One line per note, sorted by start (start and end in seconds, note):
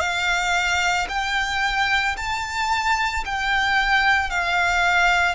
0.00 1.07 F5
1.08 2.15 G5
2.17 3.24 A5
3.25 4.30 G5
4.30 5.35 F5